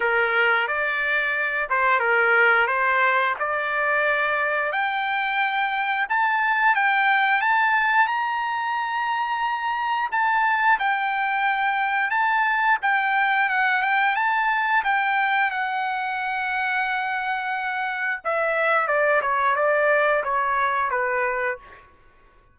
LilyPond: \new Staff \with { instrumentName = "trumpet" } { \time 4/4 \tempo 4 = 89 ais'4 d''4. c''8 ais'4 | c''4 d''2 g''4~ | g''4 a''4 g''4 a''4 | ais''2. a''4 |
g''2 a''4 g''4 | fis''8 g''8 a''4 g''4 fis''4~ | fis''2. e''4 | d''8 cis''8 d''4 cis''4 b'4 | }